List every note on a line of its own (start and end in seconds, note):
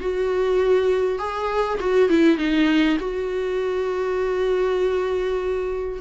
0.00 1.19 F#4
1.19 1.79 G#4
1.79 2.09 F#4
2.09 2.37 E4
2.37 2.97 D#4
2.99 5.99 F#4